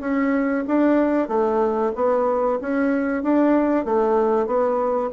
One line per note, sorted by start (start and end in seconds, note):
0.00 0.64 C#4
0.67 1.28 D4
1.28 1.92 A3
1.95 2.59 B3
2.61 3.23 C#4
3.23 3.85 D4
3.85 4.46 A3
4.46 5.10 B3